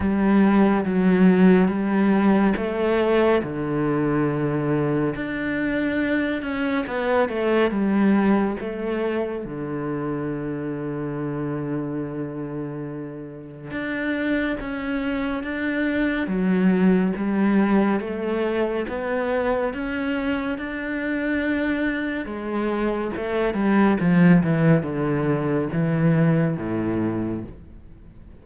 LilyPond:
\new Staff \with { instrumentName = "cello" } { \time 4/4 \tempo 4 = 70 g4 fis4 g4 a4 | d2 d'4. cis'8 | b8 a8 g4 a4 d4~ | d1 |
d'4 cis'4 d'4 fis4 | g4 a4 b4 cis'4 | d'2 gis4 a8 g8 | f8 e8 d4 e4 a,4 | }